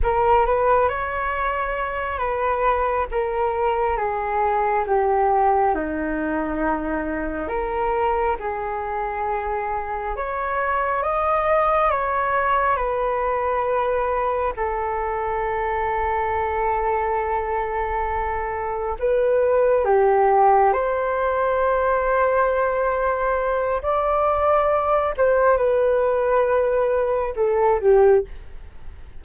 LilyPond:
\new Staff \with { instrumentName = "flute" } { \time 4/4 \tempo 4 = 68 ais'8 b'8 cis''4. b'4 ais'8~ | ais'8 gis'4 g'4 dis'4.~ | dis'8 ais'4 gis'2 cis''8~ | cis''8 dis''4 cis''4 b'4.~ |
b'8 a'2.~ a'8~ | a'4. b'4 g'4 c''8~ | c''2. d''4~ | d''8 c''8 b'2 a'8 g'8 | }